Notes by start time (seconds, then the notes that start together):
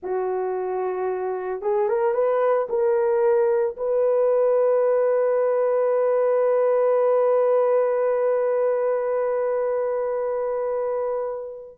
0.02 F#4
1.61 G#4
1.88 A#4
2.14 B4
2.69 A#4
3.76 B4